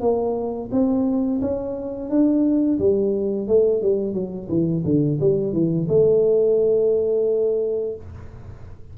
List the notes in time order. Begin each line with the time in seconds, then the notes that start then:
0.00 A#3
0.71 C4
1.41 C#4
2.09 D4
2.79 G3
3.47 A3
3.82 G3
4.13 F#3
4.48 E3
4.84 D3
5.20 G3
5.52 E3
5.88 A3